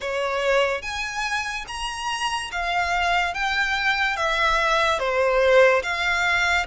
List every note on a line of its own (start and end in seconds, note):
0.00 0.81 C#5
0.81 1.65 G#5
1.67 2.50 A#5
2.51 3.34 F5
3.34 4.16 G5
4.16 4.99 E5
4.99 5.82 C5
5.82 6.66 F5